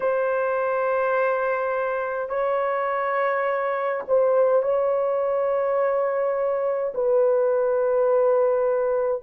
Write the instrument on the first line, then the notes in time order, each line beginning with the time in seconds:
horn
0.00 C5
2.29 C#5
4.07 C5
4.62 C#5
6.94 B4